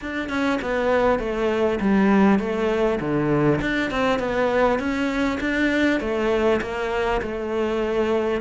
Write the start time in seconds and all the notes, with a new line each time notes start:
0.01 D4
0.29 C#4
0.61 B3
1.19 A3
1.80 G3
2.39 A3
3.00 D3
3.61 D4
3.90 C4
4.19 B3
4.79 C#4
5.40 D4
6.00 A3
6.61 A#3
7.21 A3